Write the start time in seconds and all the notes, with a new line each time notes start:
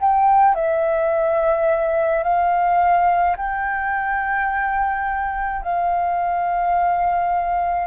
0.00 G5
0.55 E5
2.23 F5
3.37 G5
5.62 F5